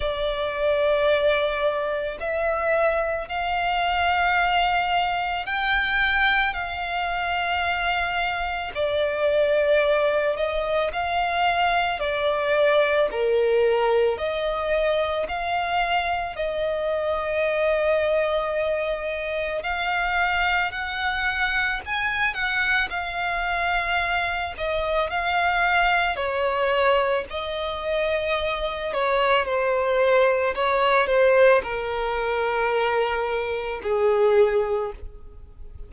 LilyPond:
\new Staff \with { instrumentName = "violin" } { \time 4/4 \tempo 4 = 55 d''2 e''4 f''4~ | f''4 g''4 f''2 | d''4. dis''8 f''4 d''4 | ais'4 dis''4 f''4 dis''4~ |
dis''2 f''4 fis''4 | gis''8 fis''8 f''4. dis''8 f''4 | cis''4 dis''4. cis''8 c''4 | cis''8 c''8 ais'2 gis'4 | }